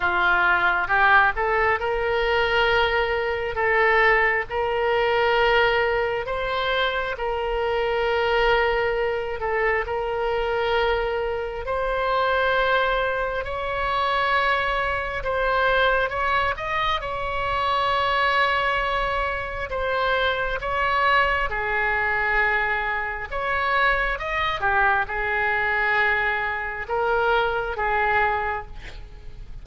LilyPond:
\new Staff \with { instrumentName = "oboe" } { \time 4/4 \tempo 4 = 67 f'4 g'8 a'8 ais'2 | a'4 ais'2 c''4 | ais'2~ ais'8 a'8 ais'4~ | ais'4 c''2 cis''4~ |
cis''4 c''4 cis''8 dis''8 cis''4~ | cis''2 c''4 cis''4 | gis'2 cis''4 dis''8 g'8 | gis'2 ais'4 gis'4 | }